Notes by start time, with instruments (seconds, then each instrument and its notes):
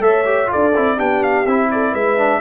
0.00 tuba A3, trombone A4, horn C#5, trumpet E5
0.26 trombone G4
0.47 trombone F4, horn A4, trumpet D5
0.55 tuba D4
0.76 tuba C4, trombone E4
0.96 tuba B3, trombone D4, horn G4, trumpet G5
1.24 trumpet F5
1.46 tuba C4, trombone E4, trumpet E5
1.71 horn A4, trumpet D5
1.92 tuba G#3, horn B4, trumpet E5
2.18 trombone D4